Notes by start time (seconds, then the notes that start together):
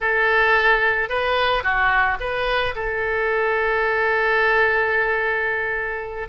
0.00 A4
1.09 B4
1.63 F#4
2.20 B4
2.75 A4